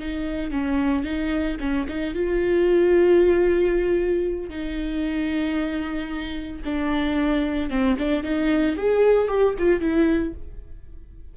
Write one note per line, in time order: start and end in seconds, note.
0.00 0.51 D#4
0.51 1.05 C#4
1.05 1.58 D#4
1.60 1.87 C#4
1.89 2.14 D#4
2.14 4.50 F4
4.50 6.63 D#4
6.65 7.70 D4
7.70 7.97 C4
7.99 8.23 D4
8.23 8.77 D#4
8.77 9.28 G#4
9.28 9.55 G4
9.59 9.81 F4
9.81 10.34 E4